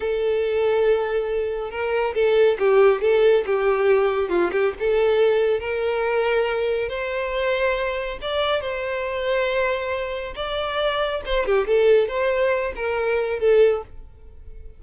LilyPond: \new Staff \with { instrumentName = "violin" } { \time 4/4 \tempo 4 = 139 a'1 | ais'4 a'4 g'4 a'4 | g'2 f'8 g'8 a'4~ | a'4 ais'2. |
c''2. d''4 | c''1 | d''2 c''8 g'8 a'4 | c''4. ais'4. a'4 | }